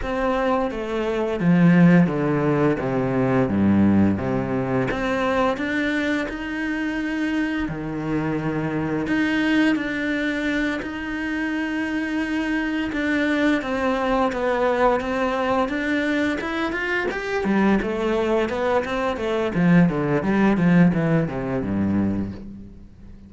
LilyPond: \new Staff \with { instrumentName = "cello" } { \time 4/4 \tempo 4 = 86 c'4 a4 f4 d4 | c4 g,4 c4 c'4 | d'4 dis'2 dis4~ | dis4 dis'4 d'4. dis'8~ |
dis'2~ dis'8 d'4 c'8~ | c'8 b4 c'4 d'4 e'8 | f'8 g'8 g8 a4 b8 c'8 a8 | f8 d8 g8 f8 e8 c8 g,4 | }